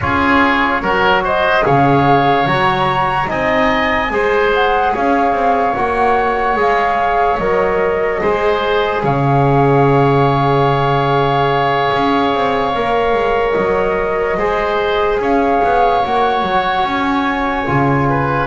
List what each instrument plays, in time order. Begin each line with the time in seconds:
0.00 double bass C#4, trombone F4, oboe G#4, flute C#5
0.81 double bass F#3, trombone F#4, oboe A#4
1.24 oboe C5, flute D#5
1.62 double bass C#3, trombone G#4, oboe C#5, flute F5
2.45 double bass F#3, trombone F#4, flute A#5
3.26 double bass C4, trombone D#4, oboe D#5, flute G#5
4.10 double bass G#3, trombone G#4, oboe C5
4.54 flute F#5
4.93 double bass C#4, oboe C#5, flute F5
5.32 double bass C4
5.74 double bass A#3, trombone F#4, flute F#5
6.56 double bass G#3, trombone G#4, flute F5
7.37 double bass F#3, trombone A#4, flute D#5
8.21 double bass G#3, trombone G#4, oboe C5
9.03 double bass C#3, oboe C#5, flute F5
11.93 double bass C#4
12.34 double bass C4
12.75 double bass A#3, trombone A#4
13.13 double bass G#3
13.52 double bass F#3, flute D#5
14.37 double bass G#3, trombone G#4, oboe C5
15.19 double bass C#4, oboe C#5, flute F5
15.63 double bass B3
16.03 double bass A#3, trombone F#4, flute F#5
16.42 double bass F#3
16.83 double bass C#4, flute G#5
17.66 double bass C#3, trombone F4
18.09 oboe B4